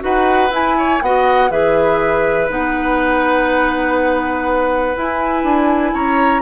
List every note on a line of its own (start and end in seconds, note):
0.00 0.51 D#4
0.00 0.49 F#4
0.00 0.78 B4
0.00 0.53 F#5
0.51 1.00 E4
0.51 1.01 E4
0.51 1.03 G#5
0.78 1.03 C#5
1.02 1.51 B3
1.02 1.50 F#4
1.02 1.51 D#5
1.02 1.52 F#5
1.50 2.49 E3
1.50 2.49 G#4
1.50 5.94 B4
1.50 2.50 E5
2.49 4.96 B3
2.49 4.95 D#4
2.49 4.97 F#5
4.97 5.44 E4
4.97 6.42 E4
4.97 5.96 G#5
5.44 5.93 D4
5.94 6.42 C#4
5.94 6.42 C#5
5.94 6.42 A#5